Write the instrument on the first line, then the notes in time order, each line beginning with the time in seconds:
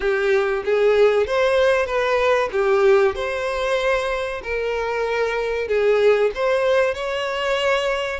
violin
0.00 G4
0.64 G#4
1.26 C5
1.86 B4
2.52 G4
3.15 C5
4.43 A#4
5.68 G#4
6.34 C5
6.94 C#5